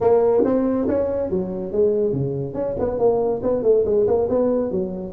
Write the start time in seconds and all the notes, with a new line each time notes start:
0.00 A#3
0.44 C4
0.87 C#4
1.30 F#3
1.71 G#3
2.12 C#3
2.54 C#4
2.79 B3
2.98 A#3
3.42 B3
3.62 A3
3.85 G#3
4.07 A#3
4.29 B3
4.71 F#3